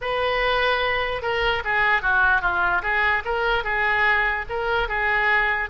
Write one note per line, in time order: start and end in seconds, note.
0.01 1.22 B4
1.22 1.62 A#4
1.64 2.02 G#4
2.02 2.41 F#4
2.41 2.82 F4
2.82 3.23 G#4
3.24 3.64 A#4
3.64 4.45 G#4
4.49 4.88 A#4
4.88 5.69 G#4